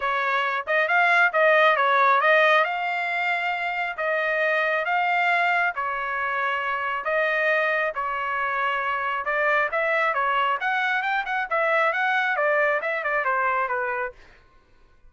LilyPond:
\new Staff \with { instrumentName = "trumpet" } { \time 4/4 \tempo 4 = 136 cis''4. dis''8 f''4 dis''4 | cis''4 dis''4 f''2~ | f''4 dis''2 f''4~ | f''4 cis''2. |
dis''2 cis''2~ | cis''4 d''4 e''4 cis''4 | fis''4 g''8 fis''8 e''4 fis''4 | d''4 e''8 d''8 c''4 b'4 | }